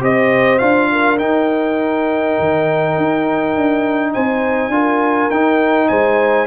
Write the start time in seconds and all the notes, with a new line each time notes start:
0.00 C4 G4 C5 D#5
0.58 D4 F4 F5
0.92 A#4
1.18 D#4 G5
2.38 D#3
2.97 D#4
3.55 D4
4.13 C4 C5 G#5
4.68 D4 F4 A#4
5.30 D#4 G5
5.88 G#3 C5 G#5